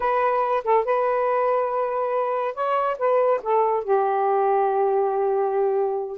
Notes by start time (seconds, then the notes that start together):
0.00 B4
0.64 A4
0.84 B4
2.54 C#5
2.98 B4
3.42 A4
3.84 G4